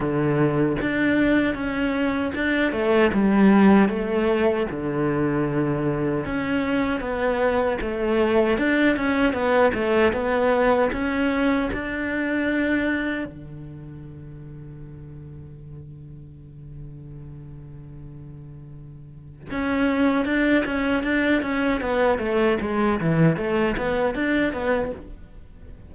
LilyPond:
\new Staff \with { instrumentName = "cello" } { \time 4/4 \tempo 4 = 77 d4 d'4 cis'4 d'8 a8 | g4 a4 d2 | cis'4 b4 a4 d'8 cis'8 | b8 a8 b4 cis'4 d'4~ |
d'4 d2.~ | d1~ | d4 cis'4 d'8 cis'8 d'8 cis'8 | b8 a8 gis8 e8 a8 b8 d'8 b8 | }